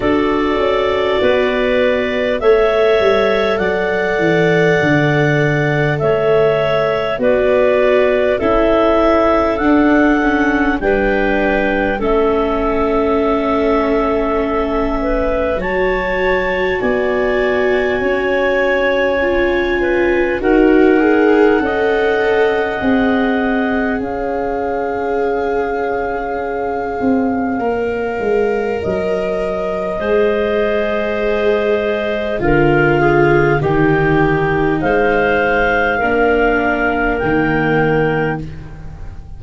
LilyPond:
<<
  \new Staff \with { instrumentName = "clarinet" } { \time 4/4 \tempo 4 = 50 d''2 e''4 fis''4~ | fis''4 e''4 d''4 e''4 | fis''4 g''4 e''2~ | e''4 a''4 gis''2~ |
gis''4 fis''2. | f''1 | dis''2. f''4 | g''4 f''2 g''4 | }
  \new Staff \with { instrumentName = "clarinet" } { \time 4/4 a'4 b'4 cis''4 d''4~ | d''4 cis''4 b'4 a'4~ | a'4 b'4 a'2~ | a'8 b'8 cis''4 d''4 cis''4~ |
cis''8 b'8 ais'4 dis''2 | cis''1~ | cis''4 c''2 ais'8 gis'8 | g'4 c''4 ais'2 | }
  \new Staff \with { instrumentName = "viola" } { \time 4/4 fis'2 a'2~ | a'2 fis'4 e'4 | d'8 cis'8 d'4 cis'2~ | cis'4 fis'2. |
f'4 fis'8 gis'8 a'4 gis'4~ | gis'2. ais'4~ | ais'4 gis'2 f'4 | dis'2 d'4 ais4 | }
  \new Staff \with { instrumentName = "tuba" } { \time 4/4 d'8 cis'8 b4 a8 g8 fis8 e8 | d4 a4 b4 cis'4 | d'4 g4 a2~ | a4 fis4 b4 cis'4~ |
cis'4 dis'4 cis'4 c'4 | cis'2~ cis'8 c'8 ais8 gis8 | fis4 gis2 d4 | dis4 gis4 ais4 dis4 | }
>>